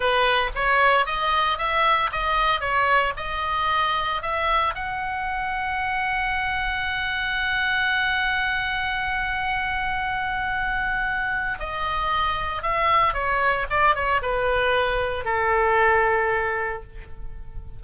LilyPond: \new Staff \with { instrumentName = "oboe" } { \time 4/4 \tempo 4 = 114 b'4 cis''4 dis''4 e''4 | dis''4 cis''4 dis''2 | e''4 fis''2.~ | fis''1~ |
fis''1~ | fis''2 dis''2 | e''4 cis''4 d''8 cis''8 b'4~ | b'4 a'2. | }